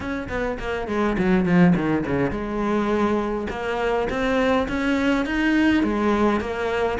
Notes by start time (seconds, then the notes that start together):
0.00 C#4
0.29 B3
0.59 A#3
0.87 G#3
1.18 F#3
1.45 F3
1.75 D#3
2.05 C#3
2.30 G#3
3.50 A#3
4.09 C4
4.68 C#4
5.25 D#4
5.83 G#3
6.40 A#3